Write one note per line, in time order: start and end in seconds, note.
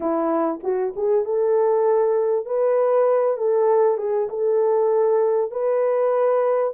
0.00 0.60 E4
0.63 0.94 F#4
0.96 1.24 G#4
1.24 2.45 A4
2.45 3.37 B4
3.37 3.97 A4
3.97 4.28 G#4
4.29 5.51 A4
5.51 6.73 B4